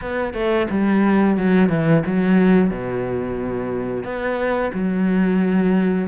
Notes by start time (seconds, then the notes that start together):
0.01 B3
0.33 A3
0.70 G3
1.37 F#3
1.69 E3
2.06 F#3
2.70 B2
4.04 B3
4.73 F#3